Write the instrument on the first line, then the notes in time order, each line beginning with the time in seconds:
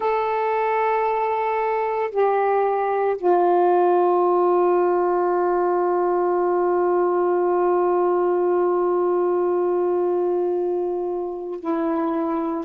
saxophone
0.00 A4
2.11 G4
3.17 F4
11.59 E4